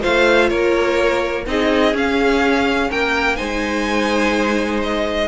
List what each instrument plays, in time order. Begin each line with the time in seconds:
0.00 cello A3, viola F4, violin C5 F5
0.49 cello A#3, violin A#4 C#5
1.46 cello C4, viola D#4, violin G#4 D#5
1.93 viola C#4, cello C#4, violin F5
2.89 cello A#3, violin A#4 G5
3.35 cello G#3, viola D#4, violin C5 G#5
4.83 violin D#5